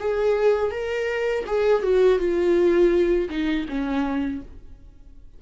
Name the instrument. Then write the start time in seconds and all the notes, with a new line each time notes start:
viola
0.00 G#4
0.72 A#4
1.47 G#4
1.83 F#4
2.19 F4
3.29 D#4
3.69 C#4